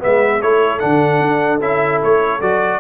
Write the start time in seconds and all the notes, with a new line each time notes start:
0.00 G#3 B3 B4 E5
0.42 A3 E4 A4 C#5
0.80 D3 D4 F#5
1.21 D4
1.60 C#4 E4 E5
2.03 A3 C#5
2.41 F#3 F#4 D5